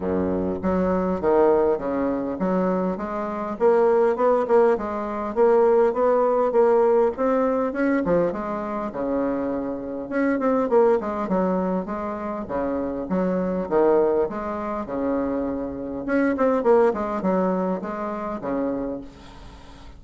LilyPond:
\new Staff \with { instrumentName = "bassoon" } { \time 4/4 \tempo 4 = 101 fis,4 fis4 dis4 cis4 | fis4 gis4 ais4 b8 ais8 | gis4 ais4 b4 ais4 | c'4 cis'8 f8 gis4 cis4~ |
cis4 cis'8 c'8 ais8 gis8 fis4 | gis4 cis4 fis4 dis4 | gis4 cis2 cis'8 c'8 | ais8 gis8 fis4 gis4 cis4 | }